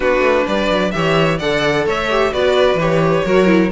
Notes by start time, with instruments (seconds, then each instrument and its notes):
0.00 cello B3, viola D4, violin F#4 B4
0.19 cello A3
0.45 cello G3, violin B4 D5
0.69 cello F#3
0.91 cello E3, viola G4, violin C#5 E5
1.38 cello D3, viola A4, violin D5 F#5
1.85 cello A3, violin C#5 E5
2.10 viola G4
2.31 cello B3, viola F#4, violin B4 D5
2.74 cello E3, viola G4, violin C#5
3.24 cello F#3, viola F#4, violin A#4
3.46 viola E4